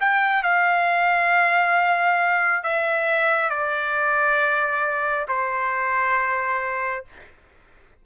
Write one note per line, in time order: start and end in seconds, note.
0.00 0.43 G5
0.43 2.63 F5
2.63 3.49 E5
3.49 5.26 D5
5.28 7.05 C5